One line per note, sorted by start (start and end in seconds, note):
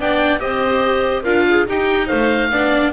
0.00 0.42 B3
0.00 0.40 D4
0.00 0.42 D5
0.00 0.40 G5
0.40 1.26 C4
0.40 1.24 G4
0.40 1.23 C5
0.40 1.24 D#5
1.23 1.68 D4
1.23 1.67 F4
1.23 1.44 A#4
1.23 1.66 F5
1.50 1.68 G#4
1.67 2.51 D#4
1.67 2.10 D#4
1.67 2.07 G4
1.67 2.08 G5
2.07 2.51 A3
2.07 2.49 C5
2.07 2.92 F5
2.51 2.93 B3
2.51 2.94 D4
2.51 2.94 D5